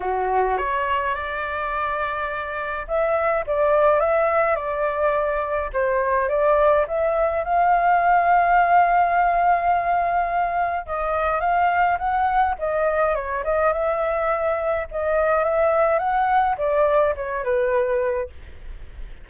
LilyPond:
\new Staff \with { instrumentName = "flute" } { \time 4/4 \tempo 4 = 105 fis'4 cis''4 d''2~ | d''4 e''4 d''4 e''4 | d''2 c''4 d''4 | e''4 f''2.~ |
f''2. dis''4 | f''4 fis''4 dis''4 cis''8 dis''8 | e''2 dis''4 e''4 | fis''4 d''4 cis''8 b'4. | }